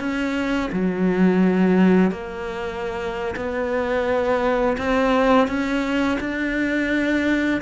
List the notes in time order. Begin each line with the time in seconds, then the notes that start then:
0.00 C#4
0.73 F#3
2.12 A#3
3.36 B3
4.78 C4
5.48 C#4
6.21 D4